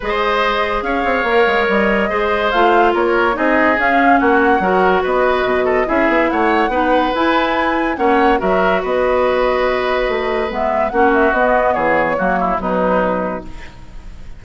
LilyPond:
<<
  \new Staff \with { instrumentName = "flute" } { \time 4/4 \tempo 4 = 143 dis''2 f''2 | dis''2 f''4 cis''4 | dis''4 f''4 fis''2 | dis''2 e''4 fis''4~ |
fis''4 gis''2 fis''4 | e''4 dis''2.~ | dis''4 e''4 fis''8 e''8 dis''4 | cis''2 b'2 | }
  \new Staff \with { instrumentName = "oboe" } { \time 4/4 c''2 cis''2~ | cis''4 c''2 ais'4 | gis'2 fis'4 ais'4 | b'4. a'8 gis'4 cis''4 |
b'2. cis''4 | ais'4 b'2.~ | b'2 fis'2 | gis'4 fis'8 e'8 dis'2 | }
  \new Staff \with { instrumentName = "clarinet" } { \time 4/4 gis'2. ais'4~ | ais'4 gis'4 f'2 | dis'4 cis'2 fis'4~ | fis'2 e'2 |
dis'4 e'2 cis'4 | fis'1~ | fis'4 b4 cis'4 b4~ | b4 ais4 fis2 | }
  \new Staff \with { instrumentName = "bassoon" } { \time 4/4 gis2 cis'8 c'8 ais8 gis8 | g4 gis4 a4 ais4 | c'4 cis'4 ais4 fis4 | b4 b,4 cis'8 b8 a4 |
b4 e'2 ais4 | fis4 b2. | a4 gis4 ais4 b4 | e4 fis4 b,2 | }
>>